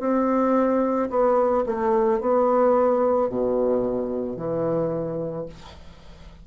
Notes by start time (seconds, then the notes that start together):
0.00 C4
1.10 B3
1.67 A3
2.21 B3
3.29 B2
4.37 E3